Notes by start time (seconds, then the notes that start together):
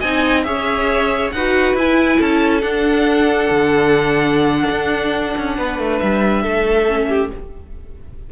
0.00 C4 D#4 D#5 G#5
0.43 C#4 G#4 C#5 E5
1.32 D#4 F#4 B4 F#5
1.74 E4 G#5
2.18 C#4 A4 A5
2.61 D4 F#5
3.50 D3
4.70 D4
5.37 C#4
5.57 B3 B4
5.78 A3
5.99 G3 E5
6.42 A3 A4
6.88 C#4
7.08 G4